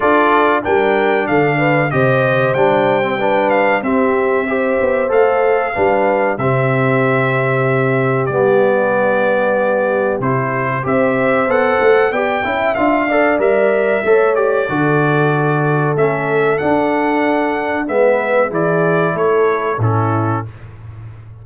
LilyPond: <<
  \new Staff \with { instrumentName = "trumpet" } { \time 4/4 \tempo 4 = 94 d''4 g''4 f''4 dis''4 | g''4. f''8 e''2 | f''2 e''2~ | e''4 d''2. |
c''4 e''4 fis''4 g''4 | f''4 e''4. d''4.~ | d''4 e''4 fis''2 | e''4 d''4 cis''4 a'4 | }
  \new Staff \with { instrumentName = "horn" } { \time 4/4 a'4 ais'4 a'8 b'8 c''4~ | c''4 b'4 g'4 c''4~ | c''4 b'4 g'2~ | g'1~ |
g'4 c''2 d''8 e''8~ | e''8 d''4. cis''4 a'4~ | a'1 | b'4 gis'4 a'4 e'4 | }
  \new Staff \with { instrumentName = "trombone" } { \time 4/4 f'4 d'2 g'4 | d'8. c'16 d'4 c'4 g'4 | a'4 d'4 c'2~ | c'4 b2. |
e'4 g'4 a'4 g'8 e'8 | f'8 a'8 ais'4 a'8 g'8 fis'4~ | fis'4 cis'4 d'2 | b4 e'2 cis'4 | }
  \new Staff \with { instrumentName = "tuba" } { \time 4/4 d'4 g4 d4 c4 | g2 c'4. b8 | a4 g4 c2~ | c4 g2. |
c4 c'4 b8 a8 b8 cis'8 | d'4 g4 a4 d4~ | d4 a4 d'2 | gis4 e4 a4 a,4 | }
>>